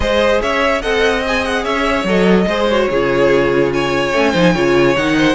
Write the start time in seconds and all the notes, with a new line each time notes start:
0.00 G#3 G#4 C5 D#5
0.41 C#4 C#5 E5
0.81 C4 A4 D#5 F#5
1.25 G#4 G#5
1.44 F#5
1.63 C#4 C#5 E5
2.04 F#3 A4 D#5
2.46 G#3 G#4 C5
2.70 F#4 C#5
2.89 C#3 F4 G#4
3.72 C#5 G#5
4.12 A3 C#4
4.32 F3 D#4 C5
4.54 C#3 F4 C#5
4.96 D#3 D#4 F#5
5.17 C5